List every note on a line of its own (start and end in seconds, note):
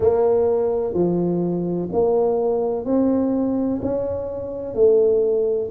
0.00 0.93 A#3
0.93 1.88 F3
1.92 2.85 A#3
2.85 3.80 C4
3.81 4.74 C#4
4.74 5.69 A3